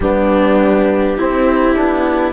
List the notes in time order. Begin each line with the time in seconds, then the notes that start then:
0.00 G3 B3 D4 G4
1.17 C4 E4
1.74 B3 D4